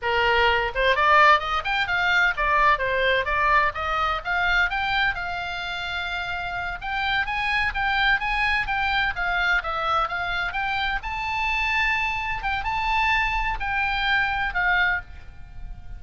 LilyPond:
\new Staff \with { instrumentName = "oboe" } { \time 4/4 \tempo 4 = 128 ais'4. c''8 d''4 dis''8 g''8 | f''4 d''4 c''4 d''4 | dis''4 f''4 g''4 f''4~ | f''2~ f''8 g''4 gis''8~ |
gis''8 g''4 gis''4 g''4 f''8~ | f''8 e''4 f''4 g''4 a''8~ | a''2~ a''8 g''8 a''4~ | a''4 g''2 f''4 | }